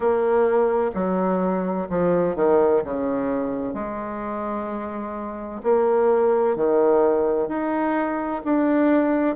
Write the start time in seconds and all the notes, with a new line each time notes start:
0.00 A#3
0.94 F#3
1.89 F3
2.35 D#3
2.84 C#3
3.74 G#3
5.63 A#3
6.55 D#3
7.48 D#4
8.44 D4